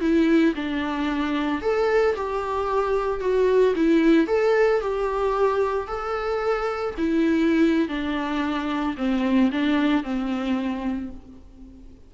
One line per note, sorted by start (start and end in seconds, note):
0.00 0.54 E4
0.55 1.61 D4
1.61 2.15 A4
2.15 3.20 G4
3.20 3.74 F#4
3.75 4.27 E4
4.27 4.80 A4
4.81 5.87 G4
5.87 6.94 A4
6.97 7.88 E4
7.88 8.95 D4
8.97 9.51 C4
9.51 10.03 D4
10.03 11.10 C4